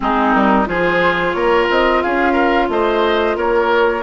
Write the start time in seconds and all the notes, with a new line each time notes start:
0.00 G#3 C4 D#4 G#4
0.33 G3 A#4
0.65 F3 F4 G#4 C5
1.32 A#3 A#4 C#5
1.70 C4 D#5
2.01 C#4 G#4 F5
2.32 A#4
2.68 A3 C5 D#5
3.36 A#3 A#4 C#5